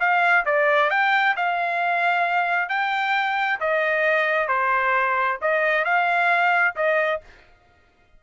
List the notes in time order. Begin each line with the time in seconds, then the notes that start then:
0.00 F5
0.46 D5
0.90 G5
1.36 F5
2.69 G5
3.60 D#5
4.48 C5
5.42 D#5
5.85 F5
6.76 D#5